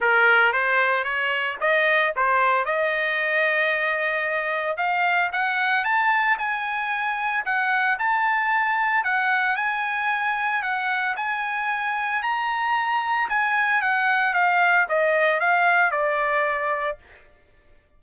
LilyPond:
\new Staff \with { instrumentName = "trumpet" } { \time 4/4 \tempo 4 = 113 ais'4 c''4 cis''4 dis''4 | c''4 dis''2.~ | dis''4 f''4 fis''4 a''4 | gis''2 fis''4 a''4~ |
a''4 fis''4 gis''2 | fis''4 gis''2 ais''4~ | ais''4 gis''4 fis''4 f''4 | dis''4 f''4 d''2 | }